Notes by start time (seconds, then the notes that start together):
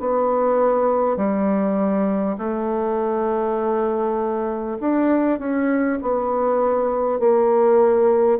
0.00 B3
1.17 G3
2.38 A3
4.81 D4
5.39 C#4
6.02 B3
7.19 A#3